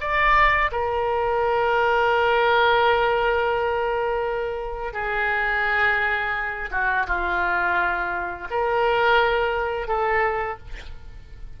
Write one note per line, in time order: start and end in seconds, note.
0.00 0.71 D5
0.71 4.93 A#4
4.93 6.69 G#4
6.71 7.06 F#4
7.06 8.47 F4
8.50 9.87 A#4
9.87 10.58 A4